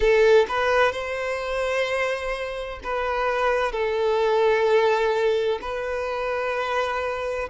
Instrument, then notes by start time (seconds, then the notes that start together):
violin
0.00 A4
0.48 B4
0.92 C5
2.83 B4
3.72 A4
5.61 B4